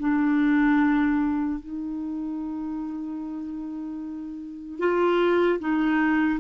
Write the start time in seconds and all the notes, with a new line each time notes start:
0.00 D4
1.60 D#4
4.79 F4
5.60 D#4